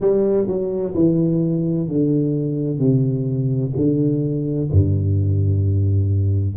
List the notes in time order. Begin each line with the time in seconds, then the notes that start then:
0.00 G3
0.47 F#3
0.94 E3
1.87 D3
2.78 C3
3.75 D3
4.71 G2